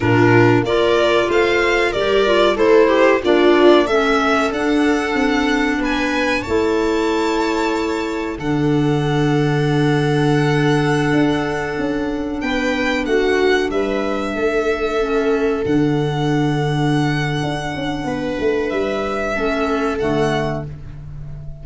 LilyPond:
<<
  \new Staff \with { instrumentName = "violin" } { \time 4/4 \tempo 4 = 93 ais'4 d''4 f''4 d''4 | c''4 d''4 e''4 fis''4~ | fis''4 gis''4 a''2~ | a''4 fis''2.~ |
fis''2.~ fis''16 g''8.~ | g''16 fis''4 e''2~ e''8.~ | e''16 fis''2.~ fis''8.~ | fis''4 e''2 fis''4 | }
  \new Staff \with { instrumentName = "viola" } { \time 4/4 f'4 ais'4 c''4 ais'4 | a'8 g'8 f'4 a'2~ | a'4 b'4 cis''2~ | cis''4 a'2.~ |
a'2.~ a'16 b'8.~ | b'16 fis'4 b'4 a'4.~ a'16~ | a'1 | b'2 a'2 | }
  \new Staff \with { instrumentName = "clarinet" } { \time 4/4 d'4 f'2 g'8 f'8 | e'4 d'4 cis'4 d'4~ | d'2 e'2~ | e'4 d'2.~ |
d'1~ | d'2.~ d'16 cis'8.~ | cis'16 d'2.~ d'8.~ | d'2 cis'4 a4 | }
  \new Staff \with { instrumentName = "tuba" } { \time 4/4 ais,4 ais4 a4 g4 | a4 ais4 a4 d'4 | c'4 b4 a2~ | a4 d2.~ |
d4~ d16 d'4 cis'4 b8.~ | b16 a4 g4 a4.~ a16~ | a16 d2~ d8. d'8 cis'8 | b8 a8 g4 a4 d4 | }
>>